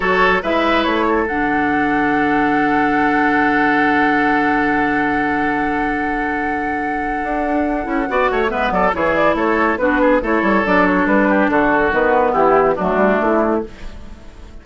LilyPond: <<
  \new Staff \with { instrumentName = "flute" } { \time 4/4 \tempo 4 = 141 cis''4 e''4 cis''4 fis''4~ | fis''1~ | fis''1~ | fis''1~ |
fis''1 | e''8 d''8 cis''8 d''8 cis''4 b'4 | cis''4 d''8 cis''8 b'4 a'4 | b'4 g'4 fis'4 e'4 | }
  \new Staff \with { instrumentName = "oboe" } { \time 4/4 a'4 b'4. a'4.~ | a'1~ | a'1~ | a'1~ |
a'2. d''8 cis''8 | b'8 a'8 gis'4 a'4 fis'8 gis'8 | a'2~ a'8 g'8 fis'4~ | fis'4 e'4 d'2 | }
  \new Staff \with { instrumentName = "clarinet" } { \time 4/4 fis'4 e'2 d'4~ | d'1~ | d'1~ | d'1~ |
d'2~ d'8 e'8 fis'4 | b4 e'2 d'4 | e'4 d'2. | b2 a2 | }
  \new Staff \with { instrumentName = "bassoon" } { \time 4/4 fis4 gis4 a4 d4~ | d1~ | d1~ | d1~ |
d4 d'4. cis'8 b8 a8 | gis8 fis8 e4 a4 b4 | a8 g8 fis4 g4 d4 | dis4 e4 fis8 g8 a4 | }
>>